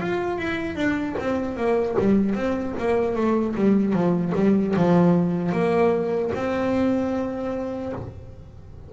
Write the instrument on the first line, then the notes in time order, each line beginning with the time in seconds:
double bass
0.00 F4
0.38 E4
0.75 D4
1.19 C4
1.56 A#3
1.99 G3
2.35 C4
2.78 A#3
3.15 A3
3.55 G3
3.93 F3
4.35 G3
4.76 F3
5.52 A#3
6.34 C4